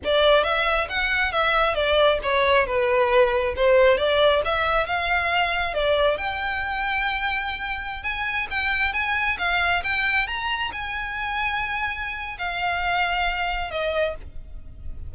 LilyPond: \new Staff \with { instrumentName = "violin" } { \time 4/4 \tempo 4 = 136 d''4 e''4 fis''4 e''4 | d''4 cis''4 b'2 | c''4 d''4 e''4 f''4~ | f''4 d''4 g''2~ |
g''2~ g''16 gis''4 g''8.~ | g''16 gis''4 f''4 g''4 ais''8.~ | ais''16 gis''2.~ gis''8. | f''2. dis''4 | }